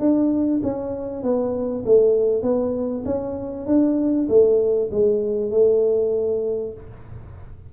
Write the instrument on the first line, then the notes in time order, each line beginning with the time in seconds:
tuba
0.00 D4
0.63 C#4
1.23 B3
1.85 A3
2.43 B3
3.06 C#4
3.67 D4
4.29 A3
4.91 G#3
5.51 A3